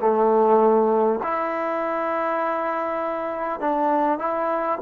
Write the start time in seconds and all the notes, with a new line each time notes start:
0.00 A3
1.23 E4
3.60 D4
4.18 E4